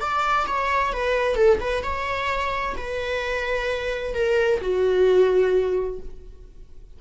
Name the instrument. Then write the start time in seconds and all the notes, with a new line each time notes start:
viola
0.00 D5
0.46 C#5
0.93 B4
1.35 A4
1.60 B4
1.83 C#5
2.77 B4
4.14 A#4
4.61 F#4